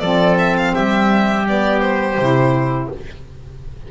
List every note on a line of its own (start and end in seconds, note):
0.00 0.73 F3
0.00 1.45 C4
0.00 0.72 A4
0.00 0.36 D5
0.39 0.57 E5
0.57 0.75 F5
0.75 2.18 G3
0.75 2.89 G4
0.75 1.46 E5
1.46 2.17 B3
1.46 1.81 D5
1.81 2.89 C5
2.18 2.90 C3
2.18 2.92 E4